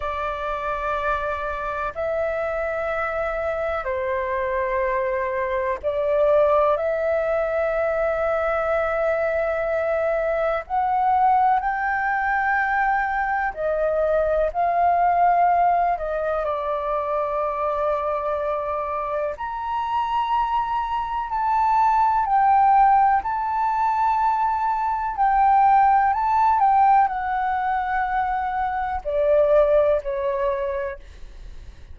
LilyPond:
\new Staff \with { instrumentName = "flute" } { \time 4/4 \tempo 4 = 62 d''2 e''2 | c''2 d''4 e''4~ | e''2. fis''4 | g''2 dis''4 f''4~ |
f''8 dis''8 d''2. | ais''2 a''4 g''4 | a''2 g''4 a''8 g''8 | fis''2 d''4 cis''4 | }